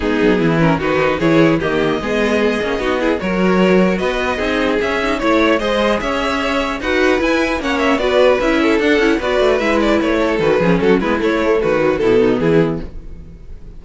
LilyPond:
<<
  \new Staff \with { instrumentName = "violin" } { \time 4/4 \tempo 4 = 150 gis'4. ais'8 b'4 cis''4 | dis''1 | cis''2 dis''2 | e''4 cis''4 dis''4 e''4~ |
e''4 fis''4 gis''4 fis''8 e''8 | d''4 e''4 fis''4 d''4 | e''8 d''8 cis''4 b'4 a'8 b'8 | cis''4 b'4 a'4 gis'4 | }
  \new Staff \with { instrumentName = "violin" } { \time 4/4 dis'4 e'4 fis'4 gis'4 | g'4 gis'2 fis'8 gis'8 | ais'2 b'4 gis'4~ | gis'4 cis''4 c''4 cis''4~ |
cis''4 b'2 cis''4 | b'4. a'4. b'4~ | b'4. a'4 gis'8 fis'8 e'8~ | e'4 fis'4 e'8 dis'8 e'4 | }
  \new Staff \with { instrumentName = "viola" } { \time 4/4 b4. cis'8 dis'4 e'4 | ais4 b4. cis'8 dis'8 e'8 | fis'2. dis'4 | cis'8 dis'8 e'4 gis'2~ |
gis'4 fis'4 e'4 cis'4 | fis'4 e'4 d'8 e'8 fis'4 | e'2 fis'8 cis'4 b8 | a4. fis8 b2 | }
  \new Staff \with { instrumentName = "cello" } { \time 4/4 gis8 fis8 e4 dis4 e4 | dis4 gis4. ais8 b4 | fis2 b4 c'4 | cis'4 a4 gis4 cis'4~ |
cis'4 dis'4 e'4 ais4 | b4 cis'4 d'8 cis'8 b8 a8 | gis4 a4 dis8 f8 fis8 gis8 | a4 dis4 b,4 e4 | }
>>